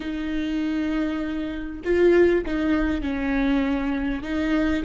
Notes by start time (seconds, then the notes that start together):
0.00 D#4
1.84 F4
2.45 D#4
3.01 C#4
4.22 D#4